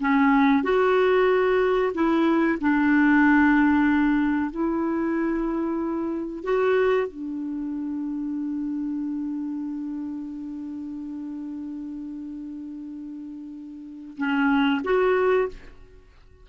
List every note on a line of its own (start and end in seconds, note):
0.00 0.63 C#4
0.63 1.92 F#4
1.94 2.59 E4
2.61 4.51 D4
4.51 6.44 E4
6.44 7.07 F#4
7.07 14.17 D4
14.17 14.82 C#4
14.84 15.49 F#4